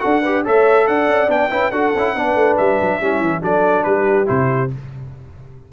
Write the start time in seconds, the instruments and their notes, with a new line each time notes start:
0.00 tuba D4, trombone F#4, horn A4, trumpet F#5
0.22 trombone G4, horn B4
0.44 tuba A3, trombone A4, horn C#5, trumpet E5
0.87 tuba D4, horn D5, trumpet F#5
1.08 tuba C#4
1.28 tuba B3, trombone D4, trumpet G5
1.50 tuba C#4, trombone E4, horn B4
1.71 tuba D4, trombone F#4, horn A4, trumpet F#5
1.96 tuba C#4, trombone E4
2.15 tuba B3, trombone D4, horn B4
2.35 tuba A3
2.57 tuba G3, trumpet E5
2.81 tuba F#3
3.00 tuba G3, trombone C#4, horn E4
3.20 tuba E3
3.41 tuba F#3, trombone D4, horn A4, trumpet D5
3.84 tuba G3, horn G4, trumpet B4
4.26 tuba C3, trombone E4, trumpet C5